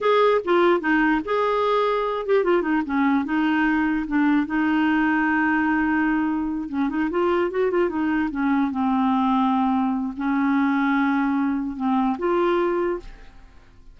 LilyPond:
\new Staff \with { instrumentName = "clarinet" } { \time 4/4 \tempo 4 = 148 gis'4 f'4 dis'4 gis'4~ | gis'4. g'8 f'8 dis'8 cis'4 | dis'2 d'4 dis'4~ | dis'1~ |
dis'8 cis'8 dis'8 f'4 fis'8 f'8 dis'8~ | dis'8 cis'4 c'2~ c'8~ | c'4 cis'2.~ | cis'4 c'4 f'2 | }